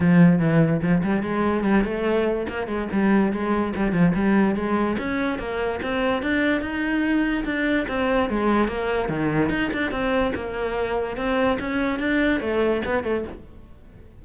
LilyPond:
\new Staff \with { instrumentName = "cello" } { \time 4/4 \tempo 4 = 145 f4 e4 f8 g8 gis4 | g8 a4. ais8 gis8 g4 | gis4 g8 f8 g4 gis4 | cis'4 ais4 c'4 d'4 |
dis'2 d'4 c'4 | gis4 ais4 dis4 dis'8 d'8 | c'4 ais2 c'4 | cis'4 d'4 a4 b8 a8 | }